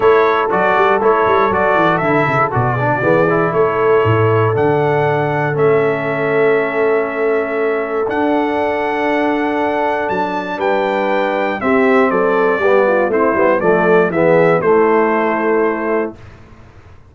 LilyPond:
<<
  \new Staff \with { instrumentName = "trumpet" } { \time 4/4 \tempo 4 = 119 cis''4 d''4 cis''4 d''4 | e''4 d''2 cis''4~ | cis''4 fis''2 e''4~ | e''1 |
fis''1 | a''4 g''2 e''4 | d''2 c''4 d''4 | e''4 c''2. | }
  \new Staff \with { instrumentName = "horn" } { \time 4/4 a'1~ | a'4. gis'16 fis'16 gis'4 a'4~ | a'1~ | a'1~ |
a'1~ | a'4 b'2 g'4 | a'4 g'8 f'8 e'4 a'4 | gis'4 e'2. | }
  \new Staff \with { instrumentName = "trombone" } { \time 4/4 e'4 fis'4 e'4 fis'4 | e'4 fis'8 d'8 b8 e'4.~ | e'4 d'2 cis'4~ | cis'1 |
d'1~ | d'2. c'4~ | c'4 b4 c'8 b8 a4 | b4 a2. | }
  \new Staff \with { instrumentName = "tuba" } { \time 4/4 a4 fis8 g8 a8 g8 fis8 e8 | d8 cis8 b,4 e4 a4 | a,4 d2 a4~ | a1 |
d'1 | fis4 g2 c'4 | fis4 g4 a8 g8 f4 | e4 a2. | }
>>